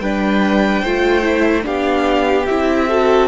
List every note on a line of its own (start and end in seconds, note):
0.00 0.82 G3
0.00 0.85 D4
0.00 0.82 B4
0.00 1.65 G5
0.82 1.66 A3
0.82 1.23 F4
0.82 1.64 C5
1.23 1.62 E4
1.62 2.48 B3
1.62 2.45 D4
1.62 2.88 G4
1.62 2.46 F5
2.46 3.28 C4
2.46 2.90 E4
2.46 3.28 E5
2.88 3.28 F#4
2.88 3.28 A4